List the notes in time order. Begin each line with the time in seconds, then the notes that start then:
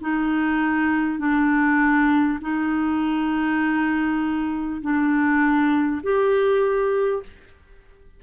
0.00 D#4
1.18 D4
2.41 D#4
4.81 D4
6.03 G4